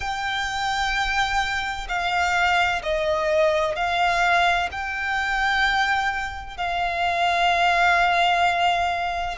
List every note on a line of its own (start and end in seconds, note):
0.00 1.87 G5
1.88 2.82 F5
2.83 3.75 D#5
3.75 4.69 F5
4.71 6.57 G5
6.57 9.37 F5